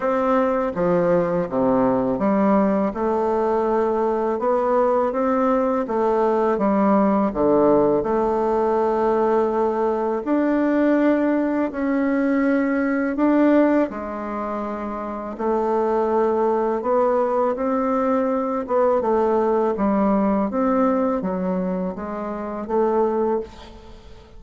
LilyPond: \new Staff \with { instrumentName = "bassoon" } { \time 4/4 \tempo 4 = 82 c'4 f4 c4 g4 | a2 b4 c'4 | a4 g4 d4 a4~ | a2 d'2 |
cis'2 d'4 gis4~ | gis4 a2 b4 | c'4. b8 a4 g4 | c'4 fis4 gis4 a4 | }